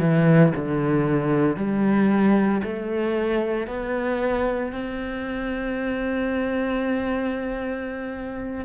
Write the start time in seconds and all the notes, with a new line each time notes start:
0.00 E3
0.56 D3
1.57 G3
2.64 A3
3.68 B3
4.73 C4